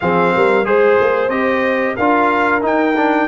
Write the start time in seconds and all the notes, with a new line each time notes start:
0.00 F3 C4 G#4 F5
0.35 G3 A#4
0.64 G#3 G#4 C5
1.00 A#3
1.28 C4 G4 D#5
1.96 D4 F4 A#4 F5
2.61 D#4 G5
2.96 D4